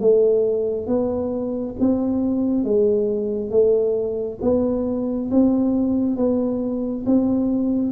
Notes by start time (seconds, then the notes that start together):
0.00 A3
0.87 B3
1.80 C4
2.64 G#3
3.51 A3
4.42 B3
5.31 C4
6.16 B3
7.06 C4